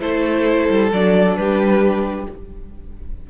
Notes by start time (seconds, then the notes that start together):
0.00 A3 E4 A4 C5
0.69 G3
0.92 F#3 D4 D5
1.36 G3 G4 B4